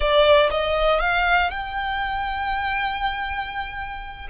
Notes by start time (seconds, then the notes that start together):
0.00 D5
0.50 D#5
1.00 F5
1.50 G5